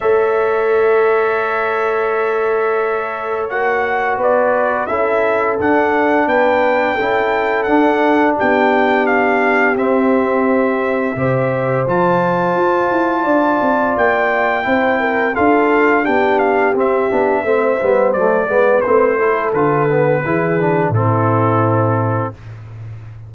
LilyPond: <<
  \new Staff \with { instrumentName = "trumpet" } { \time 4/4 \tempo 4 = 86 e''1~ | e''4 fis''4 d''4 e''4 | fis''4 g''2 fis''4 | g''4 f''4 e''2~ |
e''4 a''2. | g''2 f''4 g''8 f''8 | e''2 d''4 c''4 | b'2 a'2 | }
  \new Staff \with { instrumentName = "horn" } { \time 4/4 cis''1~ | cis''2 b'4 a'4~ | a'4 b'4 a'2 | g'1 |
c''2. d''4~ | d''4 c''8 ais'8 a'4 g'4~ | g'4 c''4. b'4 a'8~ | a'4 gis'4 e'2 | }
  \new Staff \with { instrumentName = "trombone" } { \time 4/4 a'1~ | a'4 fis'2 e'4 | d'2 e'4 d'4~ | d'2 c'2 |
g'4 f'2.~ | f'4 e'4 f'4 d'4 | c'8 d'8 c'8 b8 a8 b8 c'8 e'8 | f'8 b8 e'8 d'8 c'2 | }
  \new Staff \with { instrumentName = "tuba" } { \time 4/4 a1~ | a4 ais4 b4 cis'4 | d'4 b4 cis'4 d'4 | b2 c'2 |
c4 f4 f'8 e'8 d'8 c'8 | ais4 c'4 d'4 b4 | c'8 b8 a8 g8 fis8 gis8 a4 | d4 e4 a,2 | }
>>